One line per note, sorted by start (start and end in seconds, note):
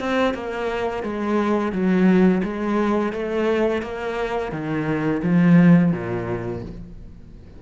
0.00 0.34 C4
0.34 1.03 A#3
1.03 1.72 G#3
1.72 2.42 F#3
2.44 3.13 G#3
3.13 3.82 A3
3.82 4.52 A#3
4.52 5.22 D#3
5.23 5.92 F3
5.92 6.62 A#2